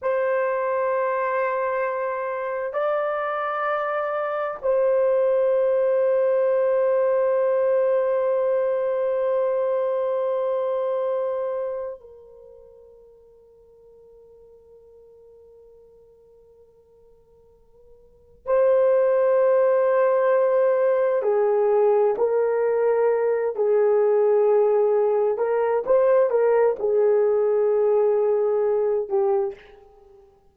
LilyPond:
\new Staff \with { instrumentName = "horn" } { \time 4/4 \tempo 4 = 65 c''2. d''4~ | d''4 c''2.~ | c''1~ | c''4 ais'2.~ |
ais'1 | c''2. gis'4 | ais'4. gis'2 ais'8 | c''8 ais'8 gis'2~ gis'8 g'8 | }